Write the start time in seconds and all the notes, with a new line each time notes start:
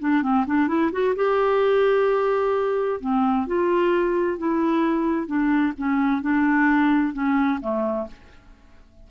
0.00 D4
0.23 C4
0.47 D4
0.68 E4
0.92 F#4
1.16 G4
3.01 C4
3.47 F4
4.38 E4
5.27 D4
5.78 C#4
6.22 D4
7.14 C#4
7.61 A3